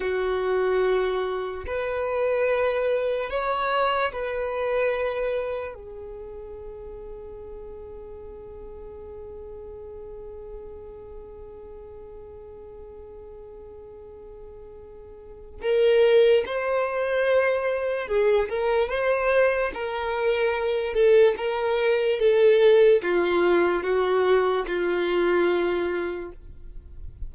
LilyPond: \new Staff \with { instrumentName = "violin" } { \time 4/4 \tempo 4 = 73 fis'2 b'2 | cis''4 b'2 gis'4~ | gis'1~ | gis'1~ |
gis'2. ais'4 | c''2 gis'8 ais'8 c''4 | ais'4. a'8 ais'4 a'4 | f'4 fis'4 f'2 | }